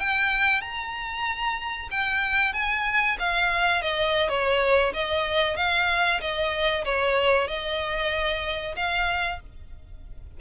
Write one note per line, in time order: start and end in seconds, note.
0.00 0.62 G5
0.62 1.89 A#5
1.91 2.54 G5
2.54 3.18 G#5
3.19 3.83 F5
3.83 4.29 D#5
4.29 4.93 C#5
4.94 5.57 D#5
5.57 6.21 F5
6.21 6.85 D#5
6.85 7.48 C#5
7.48 8.76 D#5
8.76 9.40 F5